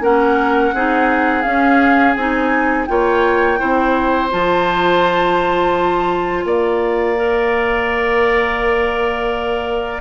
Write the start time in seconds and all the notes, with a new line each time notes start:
0.00 A#3 C#4 A#4 F#5
0.73 C4 D#4 G#4
1.42 C#4 F5
2.14 C4 D#4 G#5
2.86 A#3 F4 C#5 G5
3.58 C4 E4 C5
4.30 F3 F4 A5
6.44 A#3 D5 F5
7.16 A#4